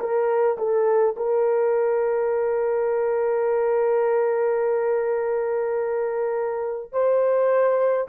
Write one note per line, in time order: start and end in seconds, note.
0.00 0.58 A#4
0.58 1.16 A4
1.17 6.93 A#4
6.93 8.08 C5